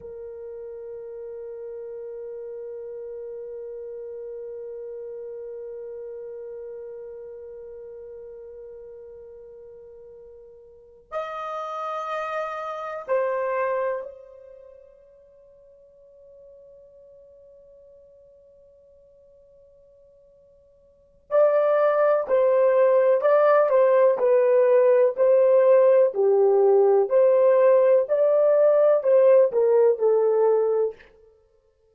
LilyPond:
\new Staff \with { instrumentName = "horn" } { \time 4/4 \tempo 4 = 62 ais'1~ | ais'1~ | ais'2.~ ais'8 dis''8~ | dis''4. c''4 cis''4.~ |
cis''1~ | cis''2 d''4 c''4 | d''8 c''8 b'4 c''4 g'4 | c''4 d''4 c''8 ais'8 a'4 | }